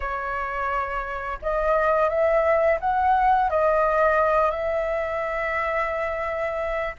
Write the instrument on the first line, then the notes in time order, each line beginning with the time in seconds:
flute
0.00 C#5
1.41 D#5
2.09 E5
2.80 F#5
3.49 D#5
4.51 E5